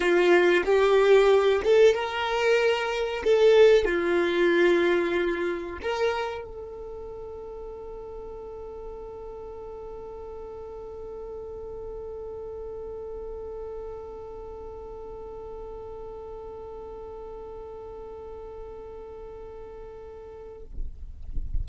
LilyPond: \new Staff \with { instrumentName = "violin" } { \time 4/4 \tempo 4 = 93 f'4 g'4. a'8 ais'4~ | ais'4 a'4 f'2~ | f'4 ais'4 a'2~ | a'1~ |
a'1~ | a'1~ | a'1~ | a'1 | }